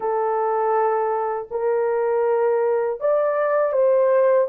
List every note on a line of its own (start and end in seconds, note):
0.00 1.48 A4
1.50 3.00 A#4
3.00 3.72 D5
3.72 4.47 C5